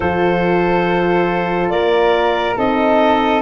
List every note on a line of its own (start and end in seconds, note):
0.00 1.70 F3
0.00 2.55 F4
0.00 1.71 A4
0.00 1.69 C5
1.69 2.56 A#3
1.69 2.57 A#4
1.69 2.55 D5
2.57 3.41 C4
2.57 3.41 D#4
2.57 3.41 A4
2.57 3.41 D#5